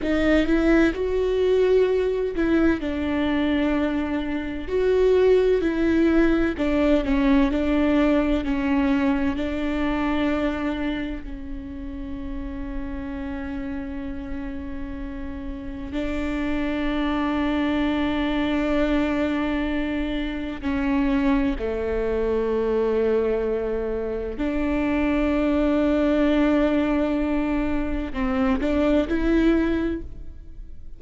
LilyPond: \new Staff \with { instrumentName = "viola" } { \time 4/4 \tempo 4 = 64 dis'8 e'8 fis'4. e'8 d'4~ | d'4 fis'4 e'4 d'8 cis'8 | d'4 cis'4 d'2 | cis'1~ |
cis'4 d'2.~ | d'2 cis'4 a4~ | a2 d'2~ | d'2 c'8 d'8 e'4 | }